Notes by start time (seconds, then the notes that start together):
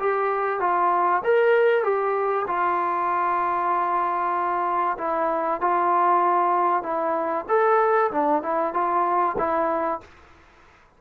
0.00 G4
0.61 F4
1.24 A#4
1.84 G4
2.47 F4
4.99 E4
5.61 F4
6.83 E4
7.49 A4
8.12 D4
8.43 E4
8.74 F4
9.38 E4